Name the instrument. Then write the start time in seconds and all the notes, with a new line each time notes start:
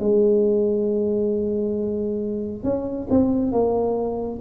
tuba
0.00 G#3
2.64 C#4
3.10 C4
3.52 A#3